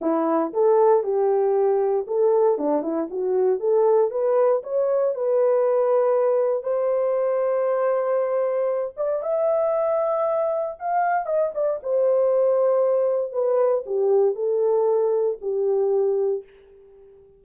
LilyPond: \new Staff \with { instrumentName = "horn" } { \time 4/4 \tempo 4 = 117 e'4 a'4 g'2 | a'4 d'8 e'8 fis'4 a'4 | b'4 cis''4 b'2~ | b'4 c''2.~ |
c''4. d''8 e''2~ | e''4 f''4 dis''8 d''8 c''4~ | c''2 b'4 g'4 | a'2 g'2 | }